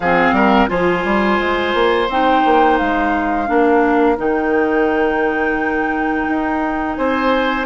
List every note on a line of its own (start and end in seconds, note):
0.00 0.32 F3
0.00 0.68 C4
0.00 0.34 G#4
0.00 0.67 F5
0.32 0.67 G3
0.32 0.69 A#4
0.68 1.04 F3
0.68 2.07 F4
0.68 3.49 C5
0.68 2.08 G#5
1.04 1.39 G3
1.39 1.73 G#3
1.73 2.08 A#3
2.08 2.43 C4
2.08 3.46 D#4
2.08 2.78 G5
2.45 2.80 A#3
2.78 3.49 G#3
2.78 4.17 F5
3.46 4.18 A#3
3.46 4.16 D4
3.46 6.97 A#4
4.17 6.27 D#3
4.17 7.65 D#4
4.17 6.96 G5
6.28 6.97 D#4
6.96 7.66 C4
6.96 7.66 C5
6.96 7.66 G#5